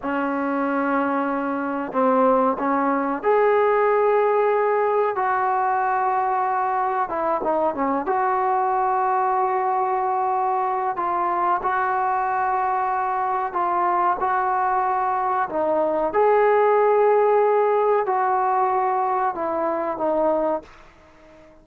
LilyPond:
\new Staff \with { instrumentName = "trombone" } { \time 4/4 \tempo 4 = 93 cis'2. c'4 | cis'4 gis'2. | fis'2. e'8 dis'8 | cis'8 fis'2.~ fis'8~ |
fis'4 f'4 fis'2~ | fis'4 f'4 fis'2 | dis'4 gis'2. | fis'2 e'4 dis'4 | }